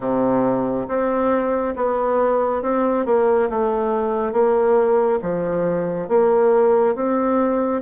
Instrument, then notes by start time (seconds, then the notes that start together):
bassoon
0.00 C3
0.87 C4
1.75 B3
2.62 C4
3.05 A#3
3.49 A3
4.32 A#3
5.22 F3
6.08 A#3
6.95 C4